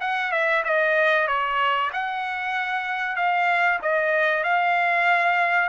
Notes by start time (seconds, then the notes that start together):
0.00 F#5
0.31 E5
0.64 D#5
1.27 C#5
1.92 F#5
3.16 F5
3.82 D#5
4.43 F5